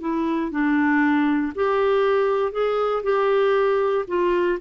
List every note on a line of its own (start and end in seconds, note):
0.00 0.51 E4
0.51 1.52 D4
1.55 2.52 G4
2.52 3.03 G#4
3.03 4.05 G4
4.07 4.58 F4